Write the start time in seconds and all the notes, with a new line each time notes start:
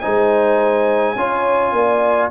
0.00 G#3 D#4 C5 G#5
1.15 C#4 F4 C#5
1.72 A#3 D5